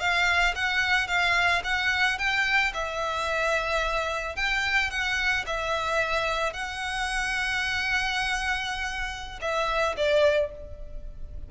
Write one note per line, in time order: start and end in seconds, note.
0.00 0.55 F5
0.55 1.08 F#5
1.08 1.62 F5
1.64 2.18 F#5
2.18 2.73 G5
2.74 4.36 E5
4.36 4.90 G5
4.90 5.45 F#5
5.47 6.54 E5
6.54 9.40 F#5
9.41 9.96 E5
9.97 10.51 D5